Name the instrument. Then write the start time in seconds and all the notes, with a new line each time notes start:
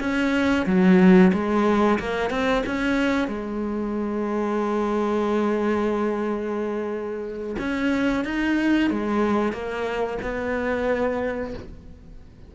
cello
0.00 C#4
0.66 F#3
1.33 G#3
2.00 A#3
2.30 C4
2.66 C#4
3.28 G#3
7.59 C#4
8.25 D#4
8.91 G#3
9.53 A#3
10.22 B3